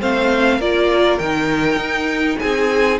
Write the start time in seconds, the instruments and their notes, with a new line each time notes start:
0.00 cello A3, viola C4, violin C5 F5
0.58 cello A#3, viola F4, violin A#4 D5
1.19 cello D#3, viola D#4, violin G5
1.76 cello D#4
2.39 cello C4, violin G#4 G#5